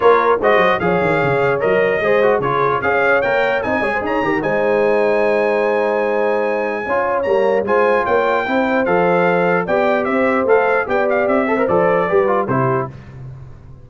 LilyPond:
<<
  \new Staff \with { instrumentName = "trumpet" } { \time 4/4 \tempo 4 = 149 cis''4 dis''4 f''2 | dis''2 cis''4 f''4 | g''4 gis''4 ais''4 gis''4~ | gis''1~ |
gis''2 ais''4 gis''4 | g''2 f''2 | g''4 e''4 f''4 g''8 f''8 | e''4 d''2 c''4 | }
  \new Staff \with { instrumentName = "horn" } { \time 4/4 ais'4 c''4 cis''2~ | cis''4 c''4 gis'4 cis''4~ | cis''4 dis''8 cis''16 c''16 cis''8 ais'8 c''4~ | c''1~ |
c''4 cis''2 c''4 | cis''4 c''2. | d''4 c''2 d''4~ | d''8 c''4. b'4 g'4 | }
  \new Staff \with { instrumentName = "trombone" } { \time 4/4 f'4 fis'4 gis'2 | ais'4 gis'8 fis'8 f'4 gis'4 | ais'4 dis'8 gis'4 g'8 dis'4~ | dis'1~ |
dis'4 f'4 ais4 f'4~ | f'4 e'4 a'2 | g'2 a'4 g'4~ | g'8 a'16 ais'16 a'4 g'8 f'8 e'4 | }
  \new Staff \with { instrumentName = "tuba" } { \time 4/4 ais4 gis8 fis8 f8 dis8 cis4 | fis4 gis4 cis4 cis'4 | ais4 c'8 gis8 dis'8 dis8 gis4~ | gis1~ |
gis4 cis'4 g4 gis4 | ais4 c'4 f2 | b4 c'4 a4 b4 | c'4 f4 g4 c4 | }
>>